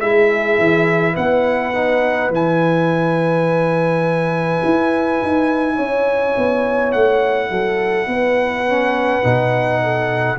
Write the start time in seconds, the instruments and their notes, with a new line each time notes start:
0.00 tuba G#3, trombone E4, horn G#4, trumpet E5
0.58 tuba E3
1.13 tuba B3, horn B4, trumpet F#5
1.74 trombone D#4
2.30 tuba E3, trombone E4, trumpet G#5
4.64 tuba E4
5.22 tuba D#4
5.76 tuba C#4, horn C#5
6.37 tuba B3
6.92 tuba A3, trumpet F#5
7.50 tuba F#3, horn A4
8.07 tuba B3, horn B4
8.67 trombone C#4
9.22 tuba B2, trombone D#4
9.83 horn A4